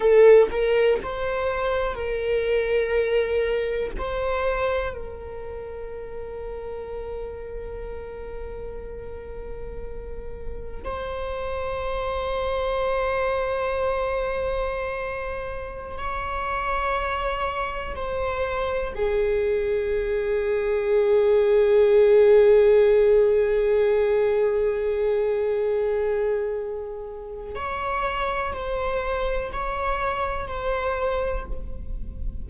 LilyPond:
\new Staff \with { instrumentName = "viola" } { \time 4/4 \tempo 4 = 61 a'8 ais'8 c''4 ais'2 | c''4 ais'2.~ | ais'2. c''4~ | c''1~ |
c''16 cis''2 c''4 gis'8.~ | gis'1~ | gis'1 | cis''4 c''4 cis''4 c''4 | }